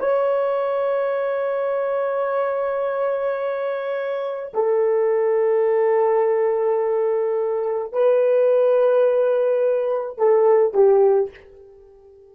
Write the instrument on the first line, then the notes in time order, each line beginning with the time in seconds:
horn
0.00 C#5
4.54 A4
7.92 B4
10.18 A4
10.74 G4